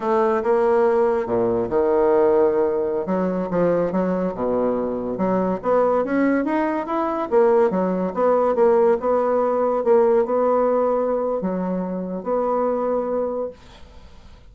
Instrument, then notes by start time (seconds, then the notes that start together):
bassoon
0.00 A3
0.43 A#3
1.26 A#2
1.69 D#3
3.06 F#3
3.50 F3
3.91 F#3
4.34 B2
5.17 F#3
5.62 B3
6.04 C#4
6.44 D#4
6.86 E4
7.30 A#3
7.70 F#3
8.14 B3
8.55 A#3
8.99 B3
9.84 A#3
10.25 B3
11.41 F#3
12.23 B3